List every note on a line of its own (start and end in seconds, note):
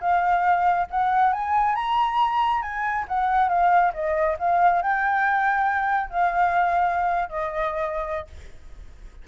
0.00 0.87 F5
0.90 1.33 F#5
1.33 1.75 G#5
1.75 2.61 A#5
2.61 3.05 G#5
3.08 3.48 F#5
3.48 3.92 F5
3.93 4.37 D#5
4.39 4.82 F5
4.82 6.09 G5
6.09 7.29 F5
7.29 8.27 D#5